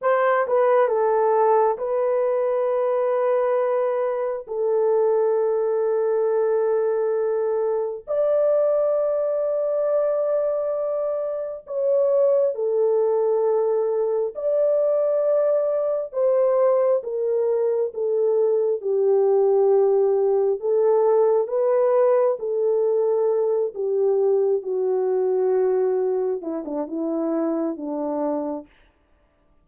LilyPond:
\new Staff \with { instrumentName = "horn" } { \time 4/4 \tempo 4 = 67 c''8 b'8 a'4 b'2~ | b'4 a'2.~ | a'4 d''2.~ | d''4 cis''4 a'2 |
d''2 c''4 ais'4 | a'4 g'2 a'4 | b'4 a'4. g'4 fis'8~ | fis'4. e'16 d'16 e'4 d'4 | }